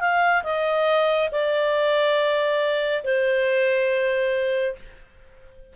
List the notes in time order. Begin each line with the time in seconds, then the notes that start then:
0.00 F5
0.44 D#5
1.31 D5
3.04 C5